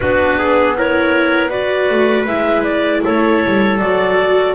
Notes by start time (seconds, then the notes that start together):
0.00 B3 D4 F#4 B4
0.38 G#4
0.76 E4 A#4 C#5
1.50 F#4 B4 D5
1.90 A3
2.26 G#3 E4 E5
2.63 D5
3.04 A3 A4 C#5
3.46 G3
3.78 F#3 F#4 D5